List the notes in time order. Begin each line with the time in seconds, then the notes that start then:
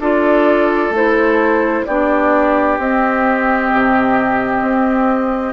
0.00 D4 F4 A4 D5
0.90 A3 E4 C5
1.86 B3 D4 G4 D5
2.78 C4 D#5
3.73 C3
4.62 C4